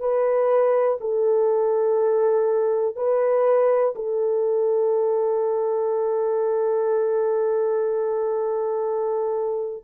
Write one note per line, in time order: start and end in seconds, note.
0.00 0.98 B4
1.01 2.96 A4
2.96 3.94 B4
3.96 9.84 A4